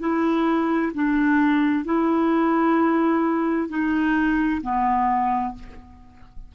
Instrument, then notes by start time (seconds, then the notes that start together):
clarinet
0.00 E4
0.94 D4
1.85 E4
3.69 D#4
4.62 B3